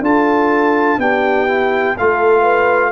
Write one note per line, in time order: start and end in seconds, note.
0.00 0.97 D4
0.00 1.00 F4
0.00 0.99 A4
0.00 1.00 A5
0.97 1.94 B3
0.97 1.48 D4
0.97 1.97 G4
0.97 1.97 G5
1.48 1.96 E4
1.98 2.92 A3
1.98 2.92 F4
1.98 2.41 A4
1.98 2.92 F5
2.41 2.90 B4